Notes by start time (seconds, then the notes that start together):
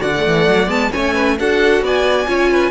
0.00 D3 F#4 D5 F#5
0.17 A3
0.27 E3
0.49 F#3
0.67 G#3 B3 A5
0.92 A3 C#4 C#5 G#5
1.14 B4
1.39 D4 F#4 A4 F#5
1.82 B3 D5 G#5
2.27 C#4 F4 C#5
2.51 B4